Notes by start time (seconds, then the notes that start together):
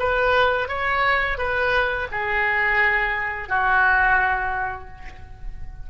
0.00 B4
0.68 C#5
1.38 B4
2.12 G#4
3.49 F#4